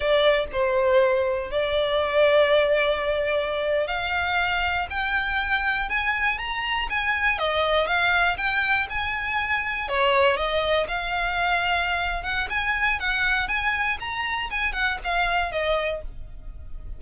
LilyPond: \new Staff \with { instrumentName = "violin" } { \time 4/4 \tempo 4 = 120 d''4 c''2 d''4~ | d''2.~ d''8. f''16~ | f''4.~ f''16 g''2 gis''16~ | gis''8. ais''4 gis''4 dis''4 f''16~ |
f''8. g''4 gis''2 cis''16~ | cis''8. dis''4 f''2~ f''16~ | f''8 fis''8 gis''4 fis''4 gis''4 | ais''4 gis''8 fis''8 f''4 dis''4 | }